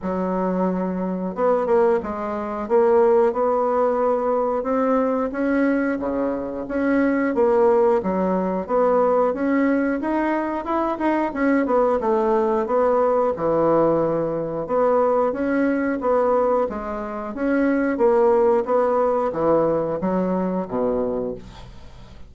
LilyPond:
\new Staff \with { instrumentName = "bassoon" } { \time 4/4 \tempo 4 = 90 fis2 b8 ais8 gis4 | ais4 b2 c'4 | cis'4 cis4 cis'4 ais4 | fis4 b4 cis'4 dis'4 |
e'8 dis'8 cis'8 b8 a4 b4 | e2 b4 cis'4 | b4 gis4 cis'4 ais4 | b4 e4 fis4 b,4 | }